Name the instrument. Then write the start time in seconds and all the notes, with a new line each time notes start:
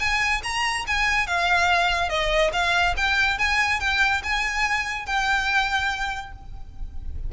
violin
0.00 G#5
0.44 A#5
0.88 G#5
1.27 F5
2.09 D#5
2.53 F5
2.97 G5
3.39 G#5
3.80 G5
4.24 G#5
5.06 G5